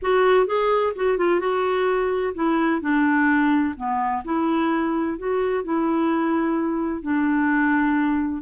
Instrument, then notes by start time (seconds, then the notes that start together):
clarinet
0.02 F#4
0.46 G#4
0.95 F#4
1.17 F4
1.40 F#4
2.34 E4
2.81 D4
3.76 B3
4.24 E4
5.18 F#4
5.64 E4
7.02 D4